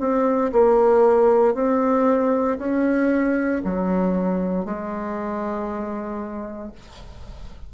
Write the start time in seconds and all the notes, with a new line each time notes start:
0.00 C4
0.52 A#3
1.55 C4
2.59 C#4
3.64 F#3
4.65 G#3